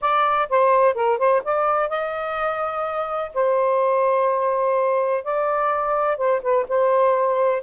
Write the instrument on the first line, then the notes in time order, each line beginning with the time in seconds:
saxophone
0.01 D5
0.49 C5
0.94 A#4
1.18 C5
1.44 D5
1.89 D#5
3.34 C5
5.23 D5
6.17 C5
6.42 B4
6.68 C5